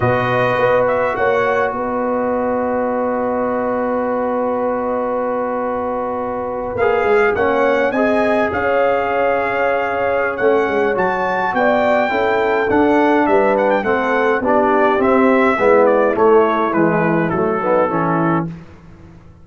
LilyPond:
<<
  \new Staff \with { instrumentName = "trumpet" } { \time 4/4 \tempo 4 = 104 dis''4. e''8 fis''4 dis''4~ | dis''1~ | dis''2.~ dis''8. f''16~ | f''8. fis''4 gis''4 f''4~ f''16~ |
f''2 fis''4 a''4 | g''2 fis''4 e''8 fis''16 g''16 | fis''4 d''4 e''4. d''8 | cis''4 b'4 a'2 | }
  \new Staff \with { instrumentName = "horn" } { \time 4/4 b'2 cis''4 b'4~ | b'1~ | b'1~ | b'8. cis''4 dis''4 cis''4~ cis''16~ |
cis''1 | d''4 a'2 b'4 | a'4 g'2 e'4~ | e'2~ e'8 dis'8 e'4 | }
  \new Staff \with { instrumentName = "trombone" } { \time 4/4 fis'1~ | fis'1~ | fis'2.~ fis'8. gis'16~ | gis'8. cis'4 gis'2~ gis'16~ |
gis'2 cis'4 fis'4~ | fis'4 e'4 d'2 | c'4 d'4 c'4 b4 | a4 gis4 a8 b8 cis'4 | }
  \new Staff \with { instrumentName = "tuba" } { \time 4/4 b,4 b4 ais4 b4~ | b1~ | b2.~ b8. ais16~ | ais16 gis8 ais4 c'4 cis'4~ cis'16~ |
cis'2 a8 gis8 fis4 | b4 cis'4 d'4 g4 | a4 b4 c'4 gis4 | a4 e4 fis4 e4 | }
>>